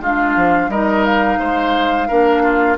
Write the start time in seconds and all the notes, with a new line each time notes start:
0.00 G#3 D4 F4 F5
0.36 F3
0.68 G3 D#4 A#4 D#5
1.04 F5
1.39 G#3 C5
2.07 A#3 D4 A#4
2.42 F4